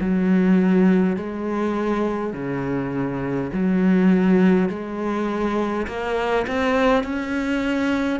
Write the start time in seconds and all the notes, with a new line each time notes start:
0.00 F#3
1.17 G#3
2.33 C#3
3.52 F#3
4.70 G#3
5.87 A#3
6.47 C4
7.04 C#4